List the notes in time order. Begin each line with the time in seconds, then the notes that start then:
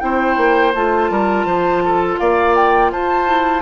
0.00 C4 E4 C5 G5
0.37 A#3
0.75 A3 F4 A5
1.10 G3 A#4
1.45 F3 C5
1.85 A4
2.19 A#3 D5 F5
2.55 G5
2.92 F4 C5 A5
3.27 E4